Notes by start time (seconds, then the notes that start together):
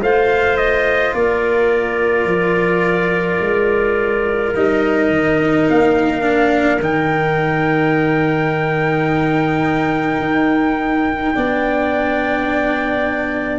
0.00 A3 F4 C5 F5
0.57 D#5
1.14 A#3 A#4 D5
2.25 F3
3.41 G#3
4.55 G3 D#4 D#5
5.09 D#3
5.70 A#3 F5
6.22 D4
6.80 D#3 D#4 G5
10.20 D#4
11.35 B3 D4 D5